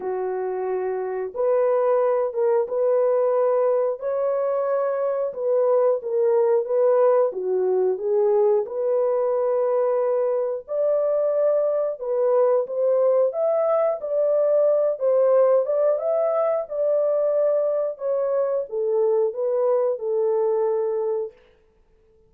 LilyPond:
\new Staff \with { instrumentName = "horn" } { \time 4/4 \tempo 4 = 90 fis'2 b'4. ais'8 | b'2 cis''2 | b'4 ais'4 b'4 fis'4 | gis'4 b'2. |
d''2 b'4 c''4 | e''4 d''4. c''4 d''8 | e''4 d''2 cis''4 | a'4 b'4 a'2 | }